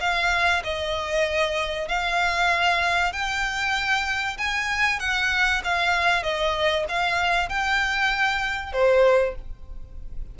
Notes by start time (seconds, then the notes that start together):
0.00 F5
0.64 D#5
1.88 F5
3.12 G5
4.38 G#5
4.99 F#5
5.64 F5
6.23 D#5
6.88 F5
7.49 G5
8.72 C5